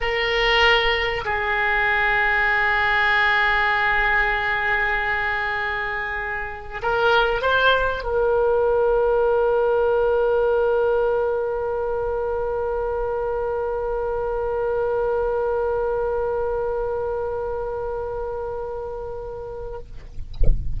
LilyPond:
\new Staff \with { instrumentName = "oboe" } { \time 4/4 \tempo 4 = 97 ais'2 gis'2~ | gis'1~ | gis'2. ais'4 | c''4 ais'2.~ |
ais'1~ | ais'1~ | ais'1~ | ais'1 | }